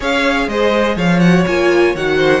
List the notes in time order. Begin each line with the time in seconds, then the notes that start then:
0.00 C#4 G#4 C#5 F5
0.47 G#3 C5 D#5
0.95 F3 C#5 F5
1.19 F#4 F#5
1.46 A#3 F4 G#5
1.95 D#3 F#4 F#5
2.17 C5